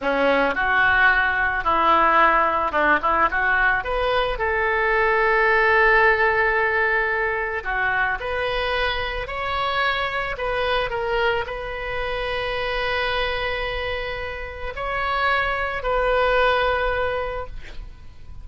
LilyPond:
\new Staff \with { instrumentName = "oboe" } { \time 4/4 \tempo 4 = 110 cis'4 fis'2 e'4~ | e'4 d'8 e'8 fis'4 b'4 | a'1~ | a'2 fis'4 b'4~ |
b'4 cis''2 b'4 | ais'4 b'2.~ | b'2. cis''4~ | cis''4 b'2. | }